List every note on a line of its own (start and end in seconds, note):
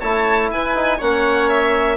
0.00 0.51 A3
0.00 0.75 E4
0.00 0.49 C#5
0.00 0.50 A5
0.51 1.00 E4
0.51 0.98 B4
0.51 1.00 G#5
0.75 1.00 D#4
0.98 1.97 A#3
0.98 1.97 C#4
0.98 1.96 C#5
0.98 1.49 F#5
1.49 1.97 E5